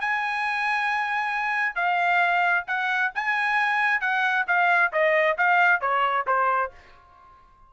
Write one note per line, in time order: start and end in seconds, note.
0.00 1.75 G#5
1.75 2.65 F5
2.67 3.12 F#5
3.15 4.01 G#5
4.01 4.46 F#5
4.47 4.92 F5
4.92 5.37 D#5
5.38 5.80 F5
5.80 6.25 C#5
6.26 6.71 C5